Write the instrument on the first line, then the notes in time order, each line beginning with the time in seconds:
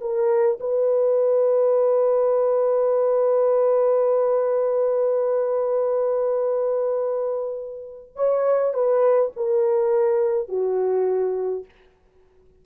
horn
0.00 A#4
0.60 B4
8.15 C#5
8.73 B4
9.36 A#4
10.48 F#4